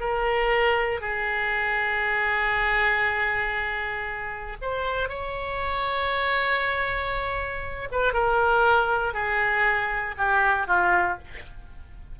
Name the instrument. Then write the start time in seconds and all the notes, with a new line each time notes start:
oboe
0.00 A#4
1.01 G#4
4.61 C5
5.09 C#5
7.92 B4
8.13 A#4
9.13 G#4
10.18 G4
10.67 F4